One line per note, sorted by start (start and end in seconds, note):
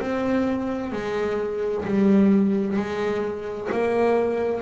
0.00 0.92 C4
0.92 1.84 G#3
1.85 2.77 G3
2.77 3.69 G#3
3.72 4.62 A#3